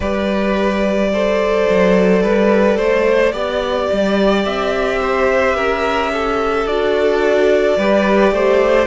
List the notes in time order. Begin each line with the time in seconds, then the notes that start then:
0.00 G3 G4 B4 D5
1.12 A4 C5
1.69 F#3
2.22 G3 B4
2.77 A3 C5
3.32 B3 G4 D5
3.92 G3
4.44 C4 E5
5.01 C5
5.56 C#4 A#4
6.12 A4
6.65 D4 F#4 D5
7.77 G3 G4 B4
8.31 A3 C5